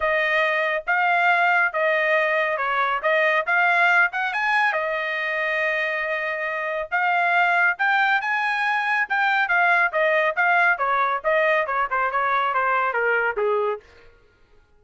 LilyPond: \new Staff \with { instrumentName = "trumpet" } { \time 4/4 \tempo 4 = 139 dis''2 f''2 | dis''2 cis''4 dis''4 | f''4. fis''8 gis''4 dis''4~ | dis''1 |
f''2 g''4 gis''4~ | gis''4 g''4 f''4 dis''4 | f''4 cis''4 dis''4 cis''8 c''8 | cis''4 c''4 ais'4 gis'4 | }